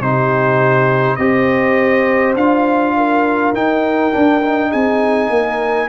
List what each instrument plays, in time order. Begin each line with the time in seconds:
0.00 tuba C3, trombone D#4, horn G4, trumpet C5
1.16 tuba C4, trombone G4, horn C5, trumpet D#5
2.35 tuba D4, trombone F4, trumpet F5
2.97 horn A#4
3.53 tuba D#4, trombone D#4, trumpet G5
4.12 trombone D4, tuba D4
4.42 trombone D#4
4.71 tuba C4, horn G#4, trumpet G#5
5.29 tuba A#3, horn A#4